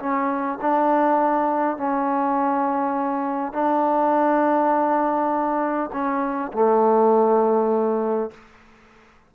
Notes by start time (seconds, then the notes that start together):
0.00 C#4
0.61 D4
1.78 C#4
3.53 D4
5.93 C#4
6.53 A3